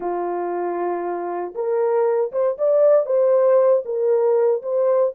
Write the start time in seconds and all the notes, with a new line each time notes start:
0.00 F4
1.54 A#4
2.32 C5
2.58 D5
3.06 C5
3.85 A#4
4.62 C5